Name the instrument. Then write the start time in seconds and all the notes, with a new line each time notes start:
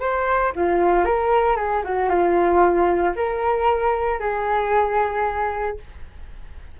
flute
0.00 C5
0.56 F4
1.05 A#4
1.56 G#4
1.84 F#4
2.09 F4
3.16 A#4
4.20 G#4